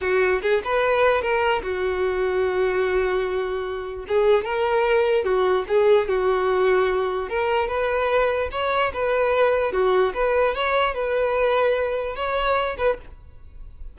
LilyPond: \new Staff \with { instrumentName = "violin" } { \time 4/4 \tempo 4 = 148 fis'4 gis'8 b'4. ais'4 | fis'1~ | fis'2 gis'4 ais'4~ | ais'4 fis'4 gis'4 fis'4~ |
fis'2 ais'4 b'4~ | b'4 cis''4 b'2 | fis'4 b'4 cis''4 b'4~ | b'2 cis''4. b'8 | }